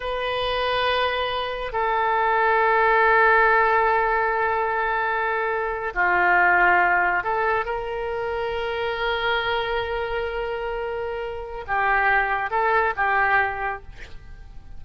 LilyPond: \new Staff \with { instrumentName = "oboe" } { \time 4/4 \tempo 4 = 139 b'1 | a'1~ | a'1~ | a'4.~ a'16 f'2~ f'16~ |
f'8. a'4 ais'2~ ais'16~ | ais'1~ | ais'2. g'4~ | g'4 a'4 g'2 | }